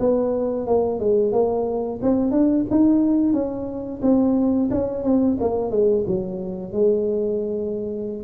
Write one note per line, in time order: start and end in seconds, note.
0.00 0.67 B3
0.67 1.00 A#3
1.00 1.33 G#3
1.33 2.00 A#3
2.02 2.32 C4
2.32 2.65 D4
2.71 3.34 D#4
3.34 4.01 C#4
4.03 4.70 C4
4.71 5.04 C#4
5.04 5.38 C4
5.41 5.72 A#3
5.72 6.05 G#3
6.07 6.73 F#3
6.73 8.24 G#3